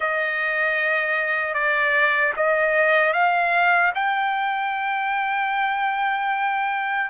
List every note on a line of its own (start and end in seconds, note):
0.00 1.54 D#5
1.54 2.33 D5
2.36 3.13 D#5
3.13 3.92 F5
3.94 7.10 G5